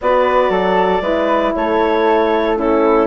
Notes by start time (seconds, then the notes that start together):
0.01 B3 F#4 B4 D5
0.49 F#3 A4
1.01 G#3 E4 B4
1.55 A3 A4 C#5
2.57 C#4 E4 A4